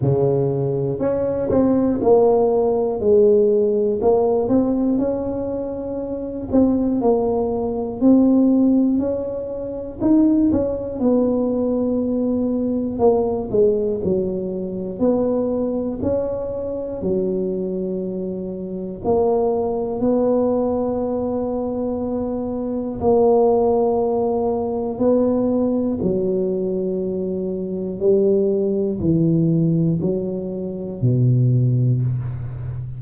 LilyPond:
\new Staff \with { instrumentName = "tuba" } { \time 4/4 \tempo 4 = 60 cis4 cis'8 c'8 ais4 gis4 | ais8 c'8 cis'4. c'8 ais4 | c'4 cis'4 dis'8 cis'8 b4~ | b4 ais8 gis8 fis4 b4 |
cis'4 fis2 ais4 | b2. ais4~ | ais4 b4 fis2 | g4 e4 fis4 b,4 | }